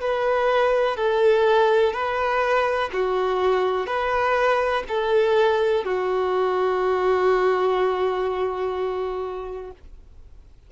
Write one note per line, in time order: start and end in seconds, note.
0.00 0.96 B4
0.96 1.93 A4
1.93 2.90 B4
2.93 3.87 F#4
3.87 4.83 B4
4.88 5.84 A4
5.84 9.71 F#4